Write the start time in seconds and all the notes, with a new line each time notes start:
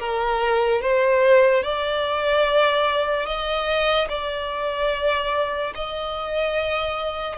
0.00 A#4
0.82 C5
1.64 D5
3.26 D#5
4.09 D5
5.75 D#5